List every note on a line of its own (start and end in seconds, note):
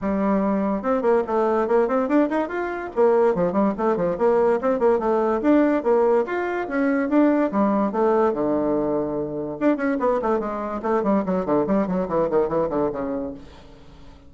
0.01 0.82 G3
0.82 1.02 C4
1.02 1.22 A#3
1.26 1.67 A3
1.67 1.88 A#3
1.88 2.08 C4
2.08 2.29 D4
2.29 2.48 D#4
2.48 2.90 F4
2.95 3.34 A#3
3.34 3.52 F3
3.52 3.73 G3
3.77 3.96 A3
3.96 4.17 F3
4.18 4.59 A#3
4.61 4.79 C4
4.79 4.99 A#3
4.99 5.41 A3
5.41 5.83 D4
5.83 6.24 A#3
6.26 6.67 F4
6.68 7.09 C#4
7.09 7.50 D4
7.51 7.92 G3
7.92 8.33 A3
8.33 9.58 D3
9.59 9.76 D4
9.76 9.97 C#4
9.99 10.20 B3
10.22 10.39 A3
10.39 10.81 G#3
10.82 11.03 A3
11.03 11.24 G3
11.25 11.45 F#3
11.45 11.66 D3
11.66 11.87 G3
11.87 12.08 F#3
12.08 12.29 E3
12.29 12.48 D#3
12.48 12.69 E3
12.69 12.90 D3
12.92 13.34 C#3